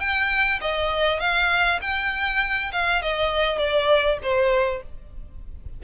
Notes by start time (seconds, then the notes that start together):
0.00 G5
0.61 D#5
1.20 F5
1.82 G5
2.72 F5
3.03 D#5
3.58 D5
4.23 C5